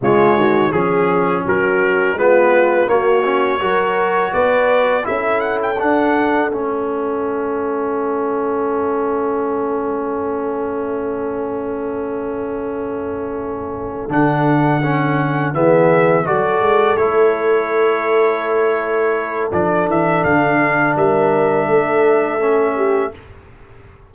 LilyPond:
<<
  \new Staff \with { instrumentName = "trumpet" } { \time 4/4 \tempo 4 = 83 cis''4 gis'4 ais'4 b'4 | cis''2 d''4 e''8 fis''16 g''16 | fis''4 e''2.~ | e''1~ |
e''2.~ e''8 fis''8~ | fis''4. e''4 d''4 cis''8~ | cis''2. d''8 e''8 | f''4 e''2. | }
  \new Staff \with { instrumentName = "horn" } { \time 4/4 f'8 fis'8 gis'4 fis'4 f'4 | fis'4 ais'4 b'4 a'4~ | a'1~ | a'1~ |
a'1~ | a'4. gis'4 a'4.~ | a'1~ | a'4 ais'4 a'4. g'8 | }
  \new Staff \with { instrumentName = "trombone" } { \time 4/4 gis4 cis'2 b4 | ais8 cis'8 fis'2 e'4 | d'4 cis'2.~ | cis'1~ |
cis'2.~ cis'8 d'8~ | d'8 cis'4 b4 fis'4 e'8~ | e'2. d'4~ | d'2. cis'4 | }
  \new Staff \with { instrumentName = "tuba" } { \time 4/4 cis8 dis8 f4 fis4 gis4 | ais4 fis4 b4 cis'4 | d'4 a2.~ | a1~ |
a2.~ a8 d8~ | d4. e4 fis8 gis8 a8~ | a2. f8 e8 | d4 g4 a2 | }
>>